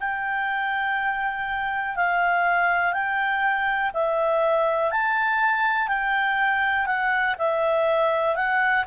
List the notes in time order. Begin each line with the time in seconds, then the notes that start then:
0.00 G5
1.96 F5
2.93 G5
3.93 E5
4.91 A5
5.88 G5
6.86 F#5
7.39 E5
8.36 F#5